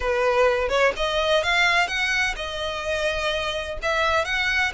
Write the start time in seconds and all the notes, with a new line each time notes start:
0.00 B4
0.69 C#5
0.96 D#5
1.43 F5
1.87 F#5
2.36 D#5
3.82 E5
4.24 F#5